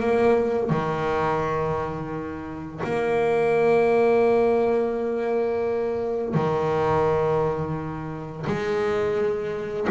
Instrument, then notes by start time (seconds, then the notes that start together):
double bass
0.00 A#3
0.70 D#3
2.84 A#3
6.34 D#3
8.47 G#3